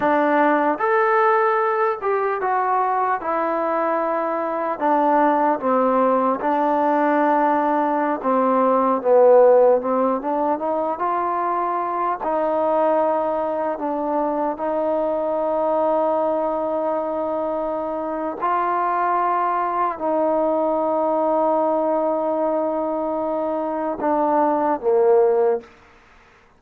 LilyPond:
\new Staff \with { instrumentName = "trombone" } { \time 4/4 \tempo 4 = 75 d'4 a'4. g'8 fis'4 | e'2 d'4 c'4 | d'2~ d'16 c'4 b8.~ | b16 c'8 d'8 dis'8 f'4. dis'8.~ |
dis'4~ dis'16 d'4 dis'4.~ dis'16~ | dis'2. f'4~ | f'4 dis'2.~ | dis'2 d'4 ais4 | }